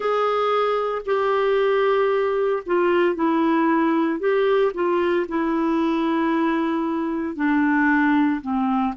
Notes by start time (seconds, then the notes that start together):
0.00 G#4
1.05 G4
2.66 F4
3.15 E4
4.19 G4
4.74 F4
5.28 E4
7.35 D4
8.41 C4